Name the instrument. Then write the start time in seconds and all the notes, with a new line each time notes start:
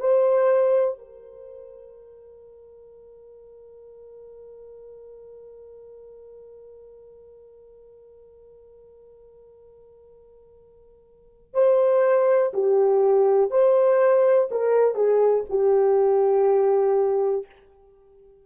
horn
0.00 C5
0.98 A#4
11.54 C5
12.54 G4
13.51 C5
14.51 A#4
14.95 G#4
15.49 G4